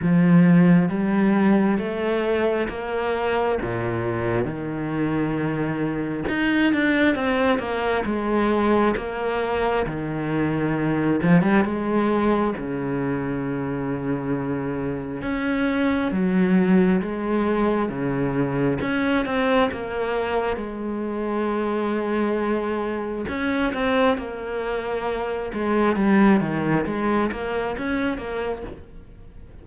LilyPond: \new Staff \with { instrumentName = "cello" } { \time 4/4 \tempo 4 = 67 f4 g4 a4 ais4 | ais,4 dis2 dis'8 d'8 | c'8 ais8 gis4 ais4 dis4~ | dis8 f16 g16 gis4 cis2~ |
cis4 cis'4 fis4 gis4 | cis4 cis'8 c'8 ais4 gis4~ | gis2 cis'8 c'8 ais4~ | ais8 gis8 g8 dis8 gis8 ais8 cis'8 ais8 | }